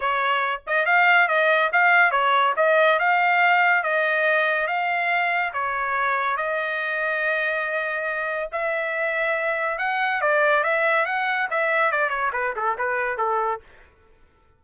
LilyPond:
\new Staff \with { instrumentName = "trumpet" } { \time 4/4 \tempo 4 = 141 cis''4. dis''8 f''4 dis''4 | f''4 cis''4 dis''4 f''4~ | f''4 dis''2 f''4~ | f''4 cis''2 dis''4~ |
dis''1 | e''2. fis''4 | d''4 e''4 fis''4 e''4 | d''8 cis''8 b'8 a'8 b'4 a'4 | }